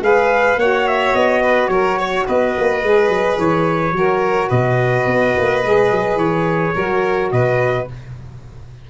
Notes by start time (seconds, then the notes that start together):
0.00 G#3 G#4 B4 F5
0.55 A#3 F#4 C#5 F#5
0.87 E5
1.14 B3 D#5
1.42 B4
1.68 F#3 A#4 C#5
1.98 C#5
2.26 B3 B4 D#5
2.58 A#3
2.81 G#3 G#4
3.09 F#3
3.38 E3 C#5
3.92 F#3 F#4 A#4
4.48 B2 B4 D#5
5.06 B3
5.37 A#3
5.63 G#3 G#4
5.91 F#3
6.16 E3 C#5
6.74 F#3 F#4 A#4
7.31 B2 B4 D#5